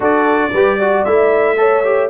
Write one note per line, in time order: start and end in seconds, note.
0.00 0.52 D4
0.00 0.51 F#4
0.00 0.51 A4
0.00 1.04 D5
0.52 1.05 G3
0.52 0.80 G4
0.52 0.78 B4
0.78 1.06 F#4
0.78 1.57 D5
1.04 2.09 A3
1.04 1.57 E4
1.04 2.09 E5
1.57 1.83 A4
1.57 2.09 C#5
1.84 2.09 G4